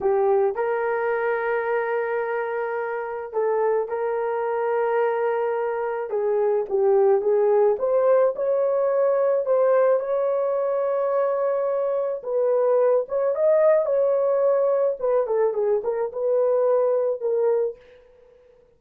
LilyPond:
\new Staff \with { instrumentName = "horn" } { \time 4/4 \tempo 4 = 108 g'4 ais'2.~ | ais'2 a'4 ais'4~ | ais'2. gis'4 | g'4 gis'4 c''4 cis''4~ |
cis''4 c''4 cis''2~ | cis''2 b'4. cis''8 | dis''4 cis''2 b'8 a'8 | gis'8 ais'8 b'2 ais'4 | }